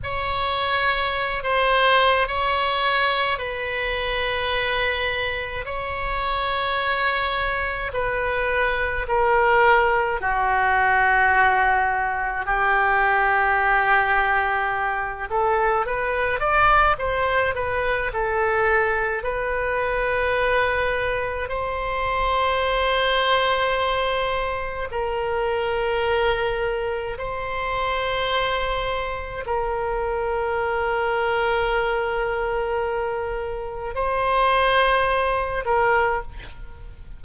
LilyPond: \new Staff \with { instrumentName = "oboe" } { \time 4/4 \tempo 4 = 53 cis''4~ cis''16 c''8. cis''4 b'4~ | b'4 cis''2 b'4 | ais'4 fis'2 g'4~ | g'4. a'8 b'8 d''8 c''8 b'8 |
a'4 b'2 c''4~ | c''2 ais'2 | c''2 ais'2~ | ais'2 c''4. ais'8 | }